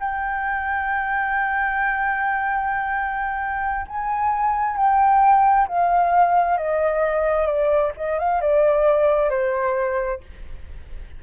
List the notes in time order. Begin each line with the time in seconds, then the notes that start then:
0.00 G5
3.88 G#5
4.77 G5
5.68 F5
6.58 D#5
7.46 D5
7.97 D#5
8.19 F5
8.41 D5
9.30 C5